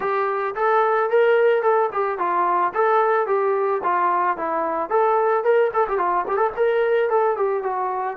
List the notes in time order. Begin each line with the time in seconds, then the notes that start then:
0.00 G4
0.55 A4
1.09 A#4
1.62 A4
1.92 G4
2.18 F4
2.74 A4
3.27 G4
3.83 F4
4.37 E4
4.89 A4
5.44 A#4
5.73 A4
5.88 G4
5.98 F4
6.27 G4
6.36 A4
6.56 A#4
7.09 A4
7.37 G4
7.62 F#4